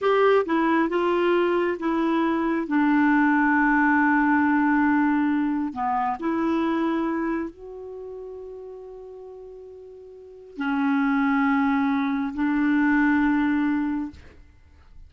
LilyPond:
\new Staff \with { instrumentName = "clarinet" } { \time 4/4 \tempo 4 = 136 g'4 e'4 f'2 | e'2 d'2~ | d'1~ | d'4 b4 e'2~ |
e'4 fis'2.~ | fis'1 | cis'1 | d'1 | }